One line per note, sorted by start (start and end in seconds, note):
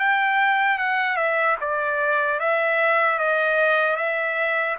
0.00 0.79 G5
0.79 1.17 F#5
1.17 1.57 E5
1.61 2.40 D5
2.40 3.19 E5
3.19 3.97 D#5
3.97 4.77 E5